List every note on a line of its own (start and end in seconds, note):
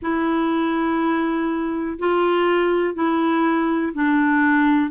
0.01 1.98 E4
1.99 2.94 F4
2.94 3.93 E4
3.93 4.90 D4